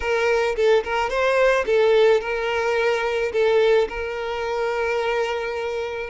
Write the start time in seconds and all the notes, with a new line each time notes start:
0.00 A#4
0.56 A4
0.83 A#4
1.09 C5
1.66 A4
2.20 A#4
3.32 A4
3.89 A#4